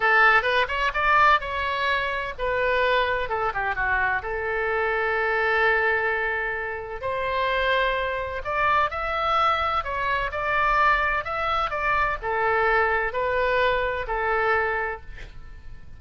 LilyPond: \new Staff \with { instrumentName = "oboe" } { \time 4/4 \tempo 4 = 128 a'4 b'8 cis''8 d''4 cis''4~ | cis''4 b'2 a'8 g'8 | fis'4 a'2.~ | a'2. c''4~ |
c''2 d''4 e''4~ | e''4 cis''4 d''2 | e''4 d''4 a'2 | b'2 a'2 | }